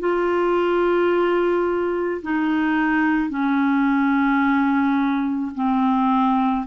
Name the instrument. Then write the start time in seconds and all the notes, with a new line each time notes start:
clarinet
0.00 F4
2.23 D#4
3.30 C#4
5.55 C4